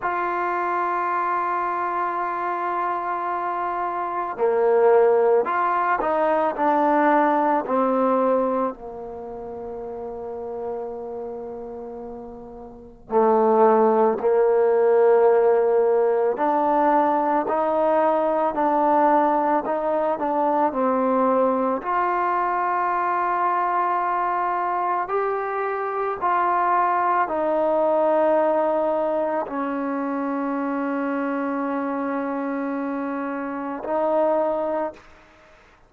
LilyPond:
\new Staff \with { instrumentName = "trombone" } { \time 4/4 \tempo 4 = 55 f'1 | ais4 f'8 dis'8 d'4 c'4 | ais1 | a4 ais2 d'4 |
dis'4 d'4 dis'8 d'8 c'4 | f'2. g'4 | f'4 dis'2 cis'4~ | cis'2. dis'4 | }